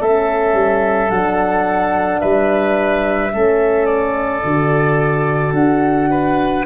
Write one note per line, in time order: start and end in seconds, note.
0.00 0.54 A3
0.00 1.11 C#4
0.00 2.21 A4
0.00 1.10 E5
0.54 1.09 G3
1.10 2.21 F#3
1.10 3.31 D4
1.10 2.20 F#5
2.20 3.34 G3
2.20 3.32 B4
2.20 3.86 E5
3.31 4.44 A3
3.31 4.42 C#4
3.31 6.10 A4
3.86 5.53 D5
4.44 5.53 D3
4.44 6.66 F#4
5.53 6.64 D4
5.53 6.65 F#5
6.10 6.66 B4